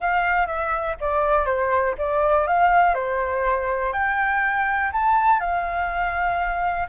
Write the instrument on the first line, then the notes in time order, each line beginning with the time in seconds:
flute
0.00 F5
0.46 E5
1.00 D5
1.45 C5
1.97 D5
2.47 F5
2.94 C5
3.92 G5
4.92 A5
5.39 F5